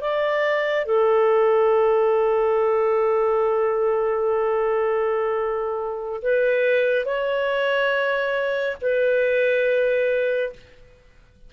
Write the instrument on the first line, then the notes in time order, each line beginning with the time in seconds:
clarinet
0.00 D5
0.85 A4
6.21 B4
7.05 C#5
8.81 B4